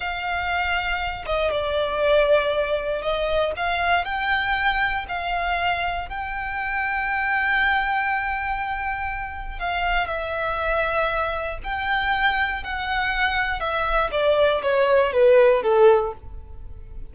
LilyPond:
\new Staff \with { instrumentName = "violin" } { \time 4/4 \tempo 4 = 119 f''2~ f''8 dis''8 d''4~ | d''2 dis''4 f''4 | g''2 f''2 | g''1~ |
g''2. f''4 | e''2. g''4~ | g''4 fis''2 e''4 | d''4 cis''4 b'4 a'4 | }